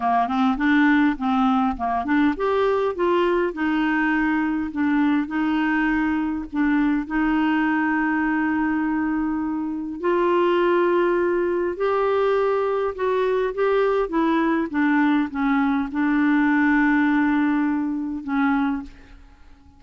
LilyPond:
\new Staff \with { instrumentName = "clarinet" } { \time 4/4 \tempo 4 = 102 ais8 c'8 d'4 c'4 ais8 d'8 | g'4 f'4 dis'2 | d'4 dis'2 d'4 | dis'1~ |
dis'4 f'2. | g'2 fis'4 g'4 | e'4 d'4 cis'4 d'4~ | d'2. cis'4 | }